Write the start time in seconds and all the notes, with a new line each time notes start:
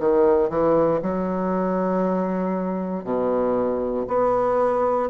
0.00 D#3
0.50 E3
1.02 F#3
3.04 B2
4.08 B3